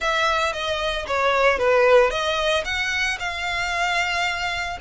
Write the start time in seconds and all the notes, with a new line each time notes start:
0.00 E5
0.52 D#5
1.07 C#5
1.58 B4
2.10 D#5
2.65 F#5
3.19 F5